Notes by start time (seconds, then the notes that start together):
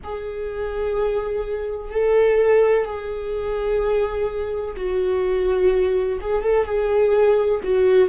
0.03 G#4
1.90 A4
2.85 G#4
4.76 F#4
6.20 G#4
6.42 A4
6.65 G#4
7.63 F#4